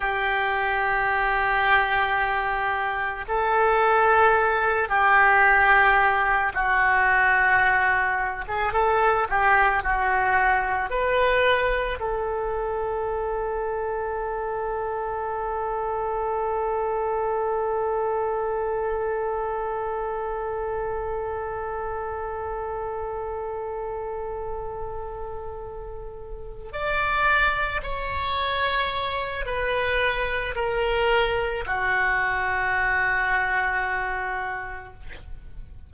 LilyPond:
\new Staff \with { instrumentName = "oboe" } { \time 4/4 \tempo 4 = 55 g'2. a'4~ | a'8 g'4. fis'4.~ fis'16 gis'16 | a'8 g'8 fis'4 b'4 a'4~ | a'1~ |
a'1~ | a'1~ | a'8 d''4 cis''4. b'4 | ais'4 fis'2. | }